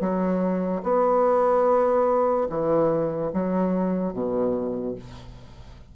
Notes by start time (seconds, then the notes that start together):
0.00 F#3
0.83 B3
2.49 E3
3.33 F#3
4.13 B2